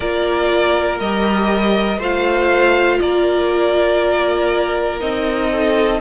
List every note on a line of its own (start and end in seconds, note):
0.00 1.00 A#3
0.00 1.01 F4
0.00 1.98 A#4
0.00 0.98 D5
1.00 1.98 G3
1.00 2.00 G4
1.00 2.00 D#5
1.98 2.98 A3
1.98 5.00 F4
1.98 2.98 C5
1.98 2.99 F5
2.99 5.01 A#3
2.99 5.50 A#4
2.99 4.99 D5
5.00 6.00 C4
5.00 6.00 D#4
5.00 6.00 D#5
5.50 6.00 A4